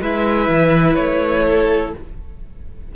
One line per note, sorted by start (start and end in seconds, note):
0.00 0.48 G#3
0.00 1.95 E4
0.00 1.45 B4
0.00 0.95 E5
0.48 0.96 E3
0.95 1.93 A3
0.95 1.92 C#5
1.45 1.93 A4